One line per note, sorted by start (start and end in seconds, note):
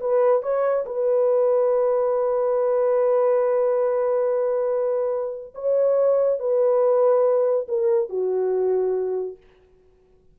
0.00 0.42 B4
0.42 0.85 C#5
0.86 5.54 B4
5.55 6.39 C#5
6.39 7.67 B4
7.68 8.09 A#4
8.09 9.37 F#4